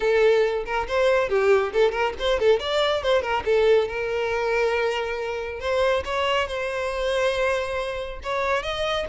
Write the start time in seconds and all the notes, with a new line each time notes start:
0.00 A4
0.65 A#4
0.88 C5
1.29 G4
1.72 A4
1.91 A#4
2.19 C5
2.39 A4
2.59 D5
3.02 C5
3.22 A#4
3.45 A4
3.88 A#4
5.60 C5
6.04 C#5
6.47 C5
8.23 C#5
8.63 D#5